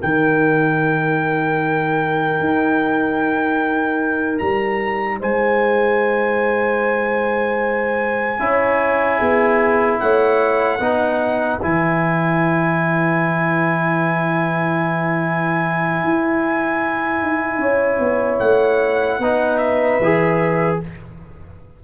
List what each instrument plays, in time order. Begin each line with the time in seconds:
0.00 tuba D#3, trombone D#4, horn A#4, trumpet G5
2.40 tuba D#4
4.39 tuba G3, trumpet A#5
5.19 tuba G#3, horn C5, trumpet G#5
8.39 tuba C#4, trombone E4, horn C#5
9.19 tuba B3, horn G#4
10.00 tuba A3, horn C#5, trumpet F#5
10.79 tuba B3, trombone D#4, horn B4
11.62 tuba E3, trombone E4, trumpet G#5
16.04 tuba E4
17.22 tuba D#4
17.58 tuba C#4, horn C#5
17.99 tuba B3
18.39 tuba A3, trumpet F#5
19.19 tuba B3, trombone D#4, horn B4
19.57 trumpet E5
20.00 tuba E3, trombone G#4